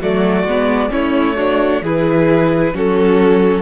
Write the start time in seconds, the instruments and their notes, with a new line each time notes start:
0.00 cello F#3, viola A3, violin F#4 D5
0.44 cello G#3, viola B3
0.90 cello A3, viola C#4, violin E4 C#5
1.37 viola D4, violin F#4
1.82 cello E3, viola E4, violin G#4 B4
2.74 cello F#3, viola C#4, violin F#4 A4